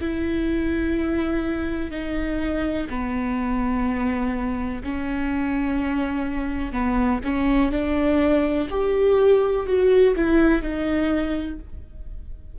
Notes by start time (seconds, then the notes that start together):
0.00 E4
1.90 D#4
2.89 B3
4.84 C#4
6.72 B3
7.24 C#4
7.72 D4
8.70 G4
9.66 F#4
10.16 E4
10.62 D#4